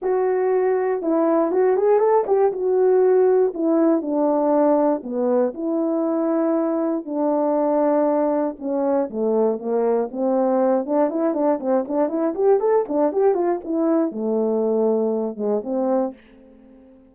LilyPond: \new Staff \with { instrumentName = "horn" } { \time 4/4 \tempo 4 = 119 fis'2 e'4 fis'8 gis'8 | a'8 g'8 fis'2 e'4 | d'2 b4 e'4~ | e'2 d'2~ |
d'4 cis'4 a4 ais4 | c'4. d'8 e'8 d'8 c'8 d'8 | e'8 g'8 a'8 d'8 g'8 f'8 e'4 | a2~ a8 gis8 c'4 | }